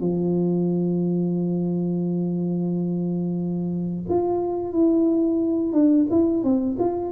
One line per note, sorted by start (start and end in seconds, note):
0.00 4.04 F3
4.09 4.73 F4
4.73 5.72 E4
5.72 6.06 D4
6.10 6.44 E4
6.44 6.77 C4
6.79 7.12 F4